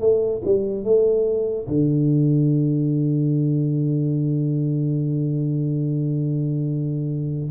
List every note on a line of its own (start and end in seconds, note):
0.00 0.42 A3
0.45 0.84 G3
0.84 1.67 A3
1.68 7.51 D3